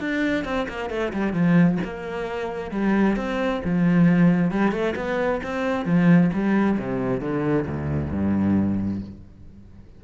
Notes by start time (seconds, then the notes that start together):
0.00 D4
0.45 C4
0.69 A#3
0.90 A3
1.13 G3
1.33 F3
1.84 A#3
2.71 G3
3.17 C4
3.65 F3
4.51 G3
4.72 A3
4.96 B3
5.43 C4
5.85 F3
6.34 G3
6.79 C3
7.21 D3
7.67 D2
8.12 G2